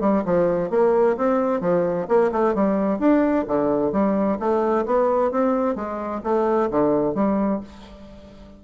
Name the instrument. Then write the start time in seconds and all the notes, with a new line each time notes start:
bassoon
0.00 G3
0.25 F3
0.70 A#3
1.17 C4
1.61 F3
2.08 A#3
2.32 A3
2.54 G3
2.99 D4
3.47 D3
3.92 G3
4.39 A3
4.86 B3
5.31 C4
5.75 G#3
6.23 A3
6.71 D3
7.14 G3